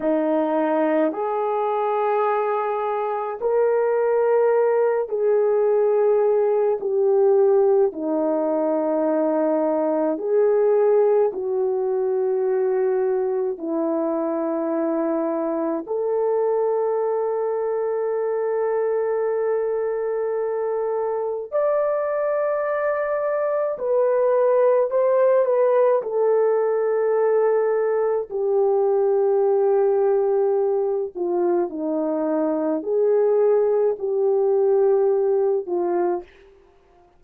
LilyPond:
\new Staff \with { instrumentName = "horn" } { \time 4/4 \tempo 4 = 53 dis'4 gis'2 ais'4~ | ais'8 gis'4. g'4 dis'4~ | dis'4 gis'4 fis'2 | e'2 a'2~ |
a'2. d''4~ | d''4 b'4 c''8 b'8 a'4~ | a'4 g'2~ g'8 f'8 | dis'4 gis'4 g'4. f'8 | }